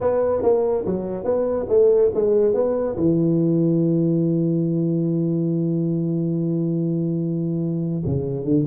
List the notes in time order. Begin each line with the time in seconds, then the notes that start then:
0.00 B3
0.42 A#3
0.85 F#3
1.24 B3
1.69 A3
2.14 G#3
2.54 B3
2.96 E3
8.05 C#3
8.44 D3